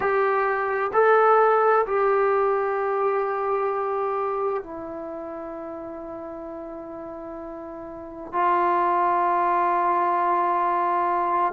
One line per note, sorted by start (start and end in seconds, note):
0.00 0.91 G4
0.93 1.85 A4
1.86 4.63 G4
4.63 8.32 E4
8.32 11.53 F4